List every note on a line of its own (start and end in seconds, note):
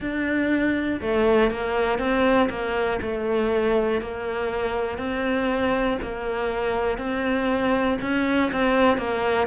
0.00 1.00 D4
1.01 1.50 A3
1.50 1.99 A#3
1.99 2.49 C4
2.50 3.00 A#3
3.01 4.00 A3
4.00 4.97 A#3
4.97 5.97 C4
6.01 6.98 A#3
6.98 7.98 C4
8.01 8.51 C#4
8.51 8.97 C4
8.97 9.47 A#3